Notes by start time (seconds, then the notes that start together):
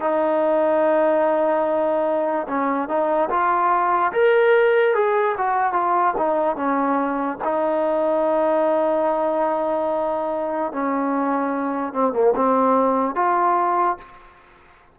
0.00 D#4
2.48 C#4
2.88 D#4
3.30 F4
4.12 A#4
4.94 G#4
5.38 F#4
5.73 F4
6.18 D#4
6.56 C#4
7.44 D#4
10.72 C#4
11.93 C4
12.13 A#3
12.35 C4
13.15 F4